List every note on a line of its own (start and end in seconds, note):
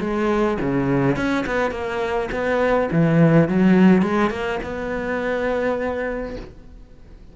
0.00 0.58 G#3
0.61 1.16 C#3
1.16 1.45 C#4
1.46 1.71 B3
1.71 2.29 A#3
2.32 2.90 B3
2.92 3.49 E3
3.49 4.02 F#3
4.02 4.31 G#3
4.31 4.59 A#3
4.63 6.36 B3